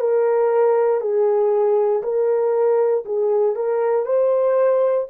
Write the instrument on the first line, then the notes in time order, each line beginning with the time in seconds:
horn
0.00 A#4
1.01 G#4
2.03 A#4
3.06 G#4
3.55 A#4
4.06 C5